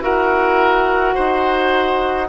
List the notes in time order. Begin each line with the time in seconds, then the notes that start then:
0.00 E4 F#4 A#4 F#5
1.15 D#4 C5